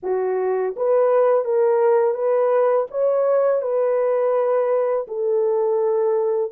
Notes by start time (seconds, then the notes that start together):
0.02 F#4
0.76 B4
1.45 A#4
2.14 B4
2.90 C#5
3.62 B4
5.07 A4